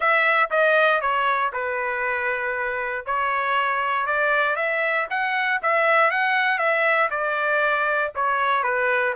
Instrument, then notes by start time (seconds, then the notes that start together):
trumpet
0.00 E5
0.50 D#5
1.01 C#5
1.53 B4
3.05 C#5
4.06 D5
4.56 E5
5.09 F#5
5.62 E5
6.10 F#5
6.58 E5
7.10 D5
8.15 C#5
8.63 B4